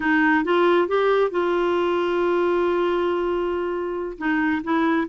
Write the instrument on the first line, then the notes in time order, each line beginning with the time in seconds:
clarinet
0.00 D#4
0.44 F4
0.87 G4
1.30 F4
4.18 D#4
4.63 E4